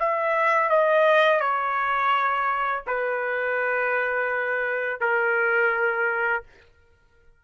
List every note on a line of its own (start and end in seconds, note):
0.00 0.70 E5
0.70 1.41 D#5
1.41 2.84 C#5
2.87 5.01 B4
5.01 6.44 A#4